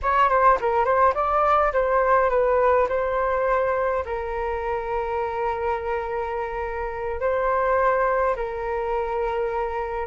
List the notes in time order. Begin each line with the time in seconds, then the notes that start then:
0.02 C#5
0.29 C5
0.60 A#4
0.84 C5
1.14 D5
1.72 C5
2.29 B4
2.88 C5
4.05 A#4
7.20 C5
8.35 A#4